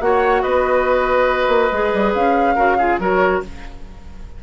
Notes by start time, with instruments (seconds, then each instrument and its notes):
0.00 bassoon A#3, clarinet F#4, oboe C#5, flute F#5
0.42 bassoon B3, oboe B4, flute D#5
1.48 bassoon A#3
1.71 bassoon G#3, clarinet G#4
1.93 bassoon G3
2.14 bassoon C#4, flute F5
2.55 bassoon C#3, clarinet F#4, oboe A#4
2.78 clarinet F4, oboe G#4
2.98 bassoon F#3, clarinet F#4, oboe A#4, flute C#5